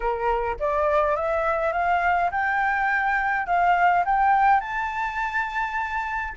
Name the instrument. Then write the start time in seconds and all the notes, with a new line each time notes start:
flute
0.00 A#4
0.59 D5
1.16 E5
1.72 F5
2.31 G5
3.46 F5
4.05 G5
4.60 A5